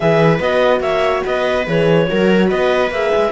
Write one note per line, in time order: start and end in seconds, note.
0.00 0.39 E3
0.00 0.40 G#4
0.00 0.82 B4
0.00 0.40 E5
0.39 0.80 B3
0.39 1.66 F#4
0.39 0.81 D#5
0.80 1.21 A#3
0.80 1.23 C#5
0.80 1.22 E5
1.24 1.66 B3
1.24 2.07 B4
1.24 1.67 D#5
1.66 2.08 E3
1.66 2.06 G#4
1.66 2.50 C#5
2.06 2.51 F#3
2.06 2.89 F#4
2.06 2.47 A#4
2.47 2.90 B3
2.47 3.30 B4
2.47 2.91 D#5
2.90 3.11 A#3
2.90 3.32 G#4
2.90 3.32 E5
3.15 3.32 G#3